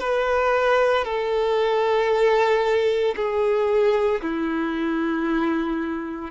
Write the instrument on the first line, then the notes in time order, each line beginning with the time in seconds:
violin
0.00 B4
1.04 A4
3.16 G#4
4.22 E4